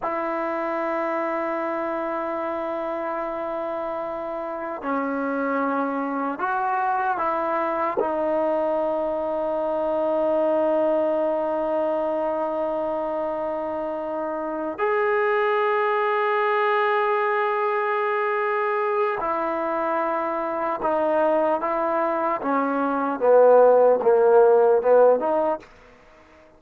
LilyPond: \new Staff \with { instrumentName = "trombone" } { \time 4/4 \tempo 4 = 75 e'1~ | e'2 cis'2 | fis'4 e'4 dis'2~ | dis'1~ |
dis'2~ dis'8 gis'4.~ | gis'1 | e'2 dis'4 e'4 | cis'4 b4 ais4 b8 dis'8 | }